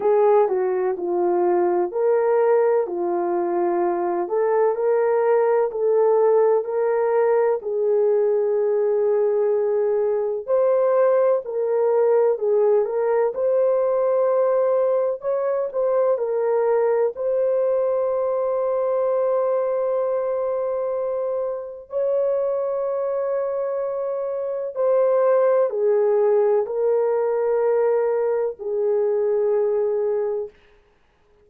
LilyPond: \new Staff \with { instrumentName = "horn" } { \time 4/4 \tempo 4 = 63 gis'8 fis'8 f'4 ais'4 f'4~ | f'8 a'8 ais'4 a'4 ais'4 | gis'2. c''4 | ais'4 gis'8 ais'8 c''2 |
cis''8 c''8 ais'4 c''2~ | c''2. cis''4~ | cis''2 c''4 gis'4 | ais'2 gis'2 | }